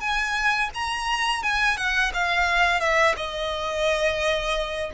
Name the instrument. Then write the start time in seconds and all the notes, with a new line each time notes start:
violin
0.00 G#5
0.74 A#5
1.43 G#5
1.77 F#5
2.14 F5
2.80 E5
3.16 D#5